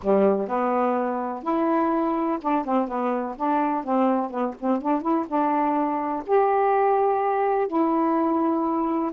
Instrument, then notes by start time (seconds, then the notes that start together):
saxophone
0.02 G3
0.48 B3
1.42 E4
2.41 D4
2.64 C4
2.88 B3
3.36 D4
3.84 C4
4.30 B3
4.60 C4
4.81 D4
5.01 E4
5.27 D4
6.26 G4
7.67 E4